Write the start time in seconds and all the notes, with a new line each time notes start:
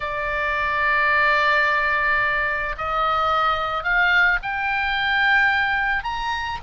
0.00 D5
2.77 D#5
3.83 F5
4.42 G5
6.03 A#5